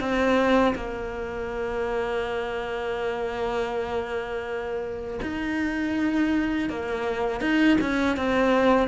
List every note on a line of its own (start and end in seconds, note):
0.00 0.74 C4
0.75 5.20 A#3
5.22 6.70 D#4
6.70 7.41 A#3
7.41 7.78 D#4
7.81 8.17 C#4
8.17 8.88 C4